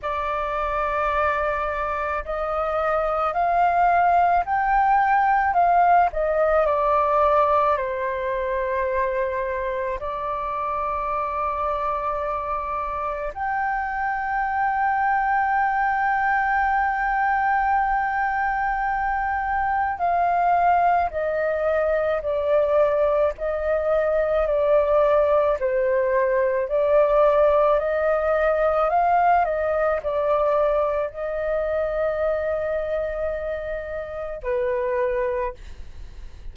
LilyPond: \new Staff \with { instrumentName = "flute" } { \time 4/4 \tempo 4 = 54 d''2 dis''4 f''4 | g''4 f''8 dis''8 d''4 c''4~ | c''4 d''2. | g''1~ |
g''2 f''4 dis''4 | d''4 dis''4 d''4 c''4 | d''4 dis''4 f''8 dis''8 d''4 | dis''2. b'4 | }